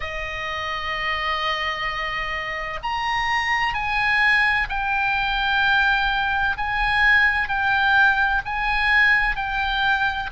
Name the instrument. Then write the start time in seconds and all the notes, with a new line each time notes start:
oboe
0.00 D#5
2.83 A#5
3.73 G#5
4.69 G5
6.57 G#5
7.48 G5
8.45 G#5
9.36 G5